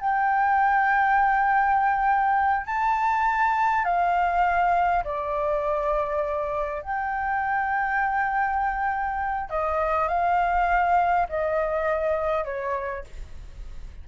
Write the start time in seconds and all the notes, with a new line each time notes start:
0.00 G5
2.66 A5
3.85 F5
5.04 D5
6.82 G5
9.50 D#5
10.08 F5
11.29 D#5
12.45 C#5